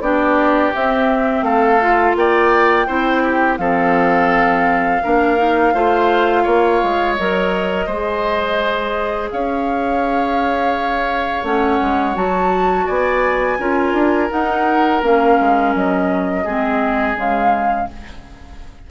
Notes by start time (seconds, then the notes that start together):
0.00 B3 D4 G4 D5
0.74 C4 E5
1.42 A3 A4 F5
1.81 F4
2.15 A#3 D5 G5
2.86 C4 E4 C5
3.23 G4
3.57 F3 C4 A4 F5
5.02 A#3 D4 A#4
5.37 D#4
5.74 A3 F4 C5
6.43 A#3 C#5
6.83 G#3
7.15 F#3 A#4 D#5
7.86 G#3 G#4 C5
9.31 C#4 C#5 F5
11.43 A3 C#4 F#5
11.81 G#3
12.14 F#3 F#4 A5
12.86 B3 D5 G#5
13.59 C#4 F4 A#4
13.93 D4
14.30 D#4 F#5
15.02 A#3 C#4 F5
15.40 G#3
15.75 F#3 D#5
16.44 G#3 C4 G#4
17.15 C#3 G#3 F5